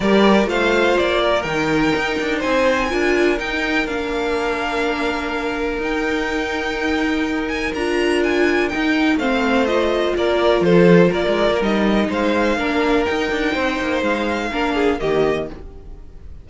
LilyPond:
<<
  \new Staff \with { instrumentName = "violin" } { \time 4/4 \tempo 4 = 124 d''4 f''4 d''4 g''4~ | g''4 gis''2 g''4 | f''1 | g''2.~ g''8 gis''8 |
ais''4 gis''4 g''4 f''4 | dis''4 d''4 c''4 d''4 | dis''4 f''2 g''4~ | g''4 f''2 dis''4 | }
  \new Staff \with { instrumentName = "violin" } { \time 4/4 ais'4 c''4. ais'4.~ | ais'4 c''4 ais'2~ | ais'1~ | ais'1~ |
ais'2. c''4~ | c''4 ais'4 a'4 ais'4~ | ais'4 c''4 ais'2 | c''2 ais'8 gis'8 g'4 | }
  \new Staff \with { instrumentName = "viola" } { \time 4/4 g'4 f'2 dis'4~ | dis'2 f'4 dis'4 | d'1 | dis'1 |
f'2 dis'4 c'4 | f'1 | dis'2 d'4 dis'4~ | dis'2 d'4 ais4 | }
  \new Staff \with { instrumentName = "cello" } { \time 4/4 g4 a4 ais4 dis4 | dis'8 d'8 c'4 d'4 dis'4 | ais1 | dis'1 |
d'2 dis'4 a4~ | a4 ais4 f4 ais16 gis8 ais16 | g4 gis4 ais4 dis'8 d'8 | c'8 ais8 gis4 ais4 dis4 | }
>>